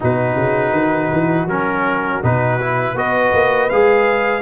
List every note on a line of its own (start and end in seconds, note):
0.00 0.35 B2
0.00 1.48 D#4
0.00 2.94 F#4
0.00 1.48 B4
0.35 0.71 C#3
0.71 1.08 D#3
1.12 1.45 E3
1.45 2.19 F#3
1.45 2.22 C#4
1.45 2.23 A#4
2.22 2.94 B2
2.22 2.59 D#4
2.22 2.97 B4
2.60 2.96 E4
2.94 3.31 B3
2.94 3.70 F#4
2.94 4.41 B4
2.94 3.69 D#5
3.33 3.70 A#3
3.69 4.41 G#3
3.69 4.41 G#4
3.69 4.41 F5